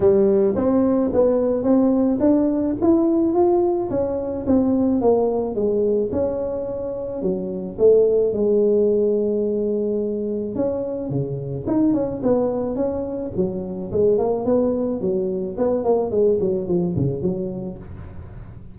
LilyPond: \new Staff \with { instrumentName = "tuba" } { \time 4/4 \tempo 4 = 108 g4 c'4 b4 c'4 | d'4 e'4 f'4 cis'4 | c'4 ais4 gis4 cis'4~ | cis'4 fis4 a4 gis4~ |
gis2. cis'4 | cis4 dis'8 cis'8 b4 cis'4 | fis4 gis8 ais8 b4 fis4 | b8 ais8 gis8 fis8 f8 cis8 fis4 | }